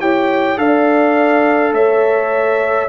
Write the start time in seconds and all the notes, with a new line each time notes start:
0.00 E4 G4 C#5 G5
0.57 D4 A4 D5 F5
1.72 A3 C#5 E5